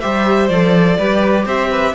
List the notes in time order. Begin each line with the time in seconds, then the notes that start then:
0.00 G3 G4 C5 E5
0.48 F3 A4 D5
0.98 G3 G4 B4
1.45 C4 C5 E5
1.70 B4